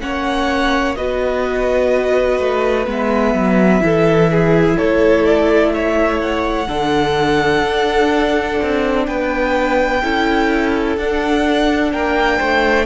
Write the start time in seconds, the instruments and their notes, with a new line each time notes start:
0.00 cello A#3, viola C#4, violin C#5 F#5
0.96 cello B3, viola F#4, violin B4 D#5
2.39 cello A3
2.86 cello G#3, viola B3, violin E5
3.34 cello F#3
3.80 cello E3, viola E4, violin A4
4.31 violin G#4
4.77 cello A3, violin A4 C#5
5.25 violin D5
5.73 violin C#5 E5
6.20 violin F#5
6.67 cello D3, viola D4, violin A4
7.62 cello D4
8.62 cello C4
9.05 cello B3, violin B4 G5
10.03 cello C#4, viola E4, violin A4
10.97 cello D4, viola D4, violin F#5
11.92 cello A#3, violin A#4 G5
12.37 cello A3, violin C5